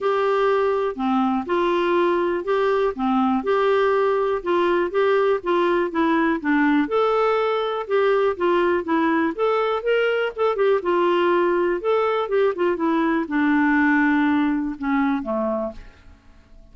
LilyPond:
\new Staff \with { instrumentName = "clarinet" } { \time 4/4 \tempo 4 = 122 g'2 c'4 f'4~ | f'4 g'4 c'4 g'4~ | g'4 f'4 g'4 f'4 | e'4 d'4 a'2 |
g'4 f'4 e'4 a'4 | ais'4 a'8 g'8 f'2 | a'4 g'8 f'8 e'4 d'4~ | d'2 cis'4 a4 | }